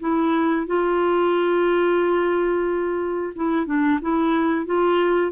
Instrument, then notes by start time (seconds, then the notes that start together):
clarinet
0.00 E4
0.67 F4
3.35 E4
3.66 D4
4.02 E4
4.66 F4